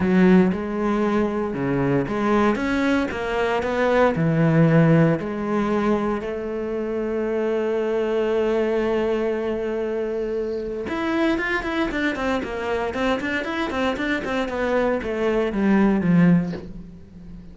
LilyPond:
\new Staff \with { instrumentName = "cello" } { \time 4/4 \tempo 4 = 116 fis4 gis2 cis4 | gis4 cis'4 ais4 b4 | e2 gis2 | a1~ |
a1~ | a4 e'4 f'8 e'8 d'8 c'8 | ais4 c'8 d'8 e'8 c'8 d'8 c'8 | b4 a4 g4 f4 | }